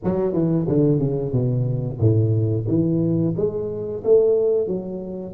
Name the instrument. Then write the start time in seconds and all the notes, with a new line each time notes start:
tuba
0.04 F#3
0.32 E3
0.68 D3
0.98 C#3
1.32 B2
1.99 A2
2.68 E3
3.36 G#3
4.04 A3
4.67 F#3